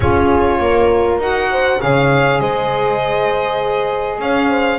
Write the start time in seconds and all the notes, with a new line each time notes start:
0.00 C#4 F4 G#4 C#5
0.58 A#3 A#4
1.18 D#4 F#4 F#5
1.51 C5
1.79 C#3 G#4 C#5 F5
2.39 G#3 C5 D#5
4.18 C#4 C#5 F5
4.49 C5